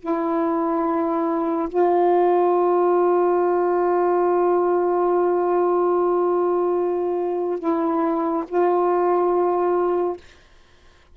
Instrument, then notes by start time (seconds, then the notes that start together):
saxophone
0.00 E4
1.69 F4
7.59 E4
8.48 F4